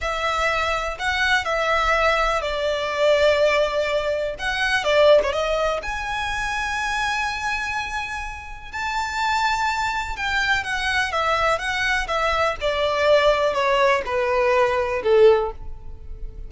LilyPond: \new Staff \with { instrumentName = "violin" } { \time 4/4 \tempo 4 = 124 e''2 fis''4 e''4~ | e''4 d''2.~ | d''4 fis''4 d''8. cis''16 dis''4 | gis''1~ |
gis''2 a''2~ | a''4 g''4 fis''4 e''4 | fis''4 e''4 d''2 | cis''4 b'2 a'4 | }